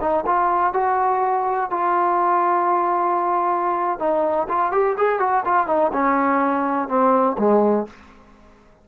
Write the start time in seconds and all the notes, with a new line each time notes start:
0.00 D#4
0.26 F4
0.73 F#4
1.70 F4
3.99 D#4
4.48 F4
4.72 G4
4.97 G#4
5.19 F#4
5.45 F4
5.67 D#4
5.93 C#4
6.88 C4
7.38 G#3